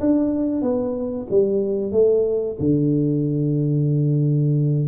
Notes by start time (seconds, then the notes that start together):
0.00 D4
0.62 B3
1.30 G3
1.91 A3
2.60 D3